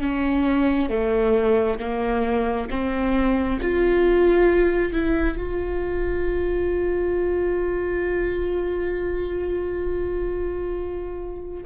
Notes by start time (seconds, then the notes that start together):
0.00 C#4
0.89 A3
1.79 A#3
2.70 C4
3.62 F4
4.93 E4
5.37 F4